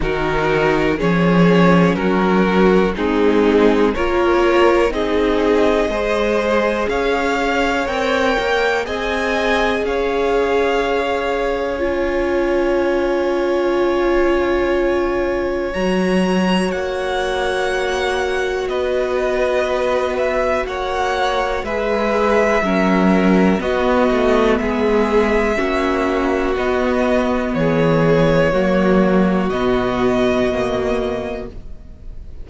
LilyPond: <<
  \new Staff \with { instrumentName = "violin" } { \time 4/4 \tempo 4 = 61 ais'4 cis''4 ais'4 gis'4 | cis''4 dis''2 f''4 | g''4 gis''4 f''2 | gis''1 |
ais''4 fis''2 dis''4~ | dis''8 e''8 fis''4 e''2 | dis''4 e''2 dis''4 | cis''2 dis''2 | }
  \new Staff \with { instrumentName = "violin" } { \time 4/4 fis'4 gis'4 fis'4 dis'4 | ais'4 gis'4 c''4 cis''4~ | cis''4 dis''4 cis''2~ | cis''1~ |
cis''2. b'4~ | b'4 cis''4 b'4 ais'4 | fis'4 gis'4 fis'2 | gis'4 fis'2. | }
  \new Staff \with { instrumentName = "viola" } { \time 4/4 dis'4 cis'2 c'4 | f'4 dis'4 gis'2 | ais'4 gis'2. | f'1 |
fis'1~ | fis'2 gis'4 cis'4 | b2 cis'4 b4~ | b4 ais4 b4 ais4 | }
  \new Staff \with { instrumentName = "cello" } { \time 4/4 dis4 f4 fis4 gis4 | ais4 c'4 gis4 cis'4 | c'8 ais8 c'4 cis'2~ | cis'1 |
fis4 ais2 b4~ | b4 ais4 gis4 fis4 | b8 a8 gis4 ais4 b4 | e4 fis4 b,2 | }
>>